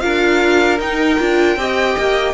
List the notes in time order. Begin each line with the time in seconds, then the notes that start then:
0.00 D4 F4 A#4 F5
0.79 D#4 G5
1.19 D4 F4
1.56 C4 G4 D#5
1.98 A#3